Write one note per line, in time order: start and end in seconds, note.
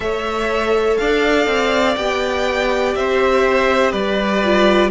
0.00 0.97 A3
0.00 1.95 A4
0.00 1.01 C#5
0.00 0.97 E5
0.97 1.46 D4
0.97 2.97 D5
0.97 1.95 F5
1.46 1.95 C4
1.95 2.94 B3
1.95 4.43 G4
1.95 2.94 G5
2.94 3.92 C4
2.94 3.91 C5
2.94 3.92 E5
3.91 4.90 G3
3.91 4.89 B4
3.91 4.90 D5
4.43 4.90 F4